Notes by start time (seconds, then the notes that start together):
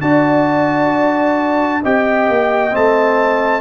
0.00 D4 F#4 D5 A5
1.82 C4 G4 D#5 G5
2.28 A#3
2.71 A3 C4 A5